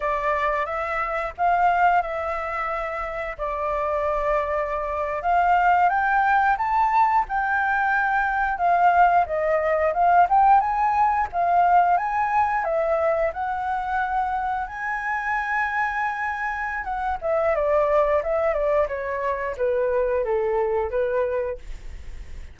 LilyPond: \new Staff \with { instrumentName = "flute" } { \time 4/4 \tempo 4 = 89 d''4 e''4 f''4 e''4~ | e''4 d''2~ d''8. f''16~ | f''8. g''4 a''4 g''4~ g''16~ | g''8. f''4 dis''4 f''8 g''8 gis''16~ |
gis''8. f''4 gis''4 e''4 fis''16~ | fis''4.~ fis''16 gis''2~ gis''16~ | gis''4 fis''8 e''8 d''4 e''8 d''8 | cis''4 b'4 a'4 b'4 | }